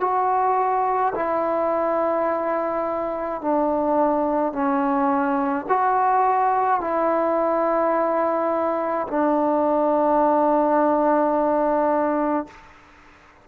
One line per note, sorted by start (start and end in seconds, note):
0.00 1.13 F#4
1.15 3.41 E4
3.41 4.52 D4
4.52 5.66 C#4
5.68 6.80 F#4
6.80 9.07 E4
9.07 12.47 D4